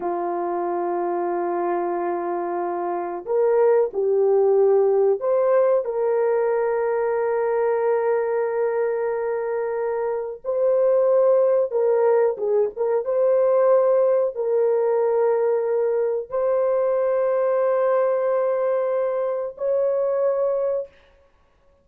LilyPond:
\new Staff \with { instrumentName = "horn" } { \time 4/4 \tempo 4 = 92 f'1~ | f'4 ais'4 g'2 | c''4 ais'2.~ | ais'1 |
c''2 ais'4 gis'8 ais'8 | c''2 ais'2~ | ais'4 c''2.~ | c''2 cis''2 | }